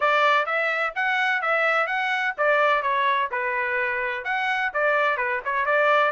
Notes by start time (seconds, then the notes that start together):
0.00 D5
0.46 E5
0.95 F#5
1.41 E5
1.87 F#5
2.37 D5
2.82 C#5
3.31 B4
4.24 F#5
4.73 D5
5.17 B4
5.45 C#5
5.65 D5